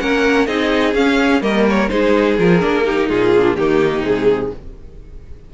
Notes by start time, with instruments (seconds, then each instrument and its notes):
0.00 cello A#3, viola C#4, violin A#4 F#5
0.47 cello C4, viola D#4, violin G#4 D#5
0.94 cello C#4, viola C#4, violin F5
1.42 cello G3, viola A#3, violin A#4 D#5
1.69 violin C#5
1.89 cello G#3, viola D#4, violin G#4 C5
2.39 cello F3, viola F4, violin A#4
2.61 cello A#3, viola D4
2.85 viola D#4, violin G4
3.09 cello A#2, violin F4 G#4
3.38 viola D4
3.56 cello D#3, viola A#3, violin D#4 G4
4.03 cello C3, viola G#3, violin G#4